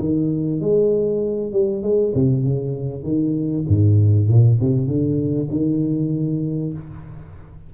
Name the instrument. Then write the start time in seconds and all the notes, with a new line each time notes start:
tuba
0.00 D#3
0.61 G#3
1.53 G3
1.83 G#3
2.15 C3
2.44 C#3
3.04 D#3
3.68 G#2
4.29 A#2
4.60 C3
4.88 D3
5.51 D#3